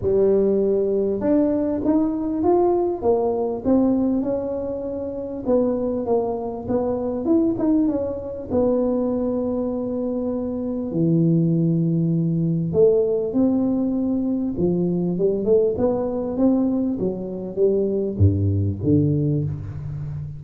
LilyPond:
\new Staff \with { instrumentName = "tuba" } { \time 4/4 \tempo 4 = 99 g2 d'4 dis'4 | f'4 ais4 c'4 cis'4~ | cis'4 b4 ais4 b4 | e'8 dis'8 cis'4 b2~ |
b2 e2~ | e4 a4 c'2 | f4 g8 a8 b4 c'4 | fis4 g4 g,4 d4 | }